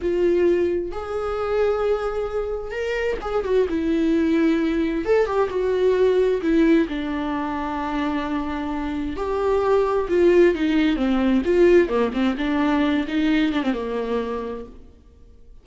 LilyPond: \new Staff \with { instrumentName = "viola" } { \time 4/4 \tempo 4 = 131 f'2 gis'2~ | gis'2 ais'4 gis'8 fis'8 | e'2. a'8 g'8 | fis'2 e'4 d'4~ |
d'1 | g'2 f'4 dis'4 | c'4 f'4 ais8 c'8 d'4~ | d'8 dis'4 d'16 c'16 ais2 | }